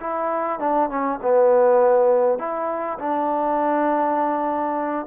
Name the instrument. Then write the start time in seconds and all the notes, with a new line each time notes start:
trombone
0.00 E4
0.59 D4
0.89 C#4
1.22 B3
2.39 E4
2.99 D4